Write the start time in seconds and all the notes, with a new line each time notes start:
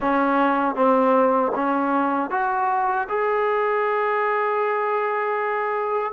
0.00 C#4
0.75 C4
1.55 C#4
2.30 F#4
3.08 G#4